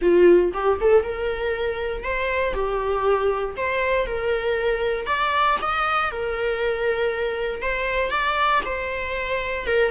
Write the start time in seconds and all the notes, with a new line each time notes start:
0.01 F4
0.53 G4
0.80 A4
1.03 A#4
2.03 C5
2.53 G4
3.56 C5
4.06 A#4
5.06 D5
5.61 D#5
6.11 A#4
7.62 C5
8.10 D5
8.65 C5
9.66 A#4